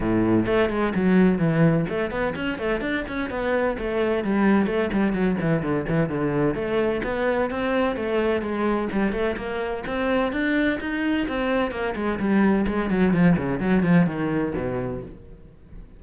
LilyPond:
\new Staff \with { instrumentName = "cello" } { \time 4/4 \tempo 4 = 128 a,4 a8 gis8 fis4 e4 | a8 b8 cis'8 a8 d'8 cis'8 b4 | a4 g4 a8 g8 fis8 e8 | d8 e8 d4 a4 b4 |
c'4 a4 gis4 g8 a8 | ais4 c'4 d'4 dis'4 | c'4 ais8 gis8 g4 gis8 fis8 | f8 cis8 fis8 f8 dis4 b,4 | }